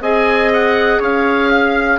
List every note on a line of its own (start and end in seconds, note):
0.00 0.98 C4
0.00 1.98 G#4
0.00 0.99 D#5
0.00 0.52 G#5
0.52 1.02 F#5
0.99 1.98 C#4
0.99 1.48 C#5
0.99 1.98 F5
1.49 1.98 F5